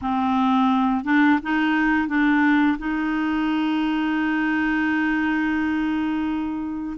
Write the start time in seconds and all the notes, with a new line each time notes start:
0.01 C4
1.04 D4
1.43 D#4
2.07 D4
2.78 D#4